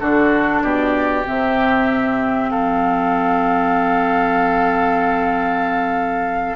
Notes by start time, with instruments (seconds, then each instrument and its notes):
0.00 bassoon D3, clarinet D4, oboe F#4, flute A4
0.62 bassoon B2, oboe G4, flute D5
1.25 bassoon C3, clarinet C4, flute E5
2.51 bassoon F3, oboe A4, flute F5